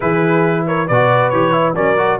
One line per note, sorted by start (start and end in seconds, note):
0.00 0.89 E3
0.00 0.89 E4
0.00 0.65 G#4
0.00 0.66 B4
0.67 0.87 A#4
0.67 0.87 C#5
0.87 1.32 B2
0.87 1.33 F#4
0.87 1.75 B4
0.87 1.29 D5
1.29 1.76 E3
1.29 1.51 G4
1.29 1.73 C#5
1.51 1.73 E4
1.75 2.20 F#3
1.75 1.97 C#4
1.75 2.19 A#4
1.75 2.19 D5
1.97 2.19 F#4